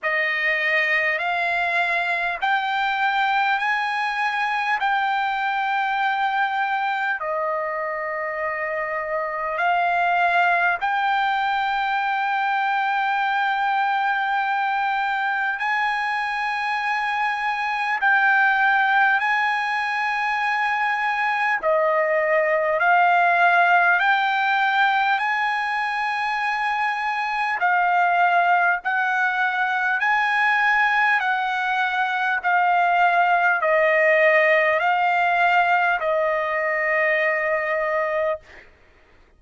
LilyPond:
\new Staff \with { instrumentName = "trumpet" } { \time 4/4 \tempo 4 = 50 dis''4 f''4 g''4 gis''4 | g''2 dis''2 | f''4 g''2.~ | g''4 gis''2 g''4 |
gis''2 dis''4 f''4 | g''4 gis''2 f''4 | fis''4 gis''4 fis''4 f''4 | dis''4 f''4 dis''2 | }